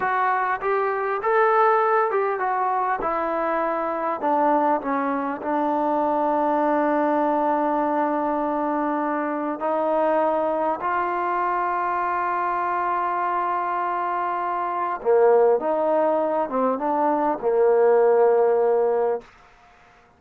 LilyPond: \new Staff \with { instrumentName = "trombone" } { \time 4/4 \tempo 4 = 100 fis'4 g'4 a'4. g'8 | fis'4 e'2 d'4 | cis'4 d'2.~ | d'1 |
dis'2 f'2~ | f'1~ | f'4 ais4 dis'4. c'8 | d'4 ais2. | }